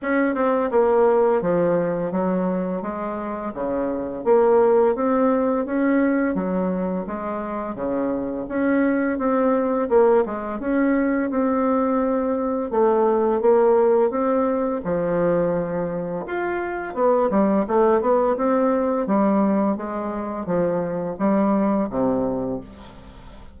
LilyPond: \new Staff \with { instrumentName = "bassoon" } { \time 4/4 \tempo 4 = 85 cis'8 c'8 ais4 f4 fis4 | gis4 cis4 ais4 c'4 | cis'4 fis4 gis4 cis4 | cis'4 c'4 ais8 gis8 cis'4 |
c'2 a4 ais4 | c'4 f2 f'4 | b8 g8 a8 b8 c'4 g4 | gis4 f4 g4 c4 | }